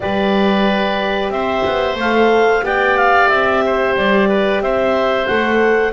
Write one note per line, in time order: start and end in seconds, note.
0.00 1.29 G3
0.00 1.98 G4
0.00 1.32 B4
0.00 1.30 D5
1.29 1.62 C4
1.29 2.64 C5
1.29 1.96 E5
1.65 1.95 B3
1.95 2.61 A3
1.95 2.65 F5
2.01 2.63 A4
2.62 3.28 B3
2.62 5.27 G4
2.62 3.64 D5
2.62 2.96 G5
2.96 3.28 F5
3.28 3.96 C4
3.28 3.94 E5
3.66 4.28 C5
3.96 4.60 G3
3.96 4.62 D5
4.28 4.61 B4
4.60 5.26 C4
4.60 5.93 C5
4.60 5.27 E5
5.27 5.93 A3
5.27 5.93 A4
5.27 5.92 F#5